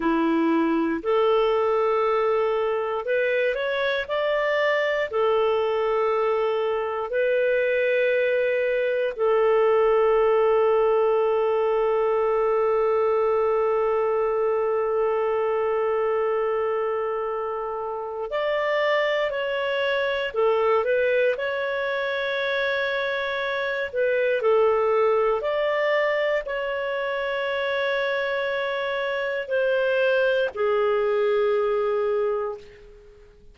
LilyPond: \new Staff \with { instrumentName = "clarinet" } { \time 4/4 \tempo 4 = 59 e'4 a'2 b'8 cis''8 | d''4 a'2 b'4~ | b'4 a'2.~ | a'1~ |
a'2 d''4 cis''4 | a'8 b'8 cis''2~ cis''8 b'8 | a'4 d''4 cis''2~ | cis''4 c''4 gis'2 | }